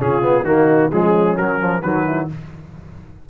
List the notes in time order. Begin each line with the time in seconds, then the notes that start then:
0.00 C#3 C#4 F4 G#4
0.22 B3
0.44 D#3 A#3 D#4 F#4
0.92 F3 G#3 C#4 G#4
1.37 F#3 A#4
1.60 F3
1.82 D#3 F#3 F#4 B4
2.07 E4